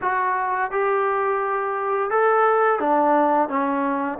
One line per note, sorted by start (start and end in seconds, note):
0.01 0.71 F#4
0.71 2.10 G4
2.10 2.79 A4
2.79 3.49 D4
3.49 4.18 C#4